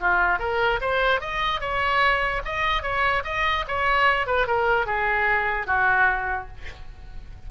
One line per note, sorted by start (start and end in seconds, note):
0.00 0.39 F4
0.39 0.79 A#4
0.81 1.20 C5
1.20 1.60 D#5
1.60 2.41 C#5
2.45 2.82 D#5
2.82 3.23 C#5
3.24 3.64 D#5
3.67 4.26 C#5
4.26 4.46 B4
4.46 4.86 A#4
4.86 5.66 G#4
5.66 6.47 F#4